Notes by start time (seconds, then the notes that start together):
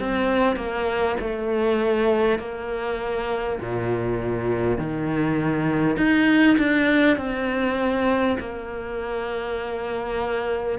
0.00 C4
0.57 A#3
1.21 A3
2.39 A#3
3.61 A#2
4.78 D#3
5.97 D#4
6.59 D4
7.17 C4
8.40 A#3